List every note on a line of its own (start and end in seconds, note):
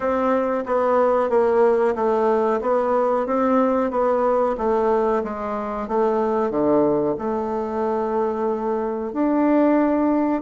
0.00 0.64 C4
0.66 1.29 B3
1.29 1.94 A#3
1.95 2.60 A3
2.61 3.26 B3
3.26 3.90 C4
3.90 4.55 B3
4.57 5.23 A3
5.23 5.88 G#3
5.88 6.50 A3
6.50 7.15 D3
7.18 9.12 A3
9.12 10.42 D4